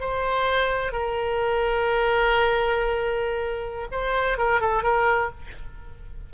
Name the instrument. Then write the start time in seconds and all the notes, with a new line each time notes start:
oboe
0.00 C5
0.92 A#4
3.92 C5
4.38 A#4
4.61 A4
4.83 A#4